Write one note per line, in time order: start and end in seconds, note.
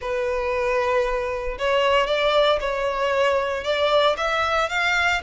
0.01 1.57 B4
1.58 2.07 C#5
2.07 2.59 D5
2.60 3.64 C#5
3.64 4.16 D5
4.17 4.69 E5
4.69 5.21 F5